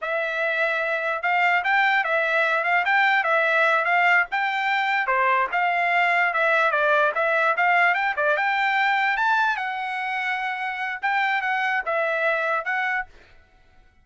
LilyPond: \new Staff \with { instrumentName = "trumpet" } { \time 4/4 \tempo 4 = 147 e''2. f''4 | g''4 e''4. f''8 g''4 | e''4. f''4 g''4.~ | g''8 c''4 f''2 e''8~ |
e''8 d''4 e''4 f''4 g''8 | d''8 g''2 a''4 fis''8~ | fis''2. g''4 | fis''4 e''2 fis''4 | }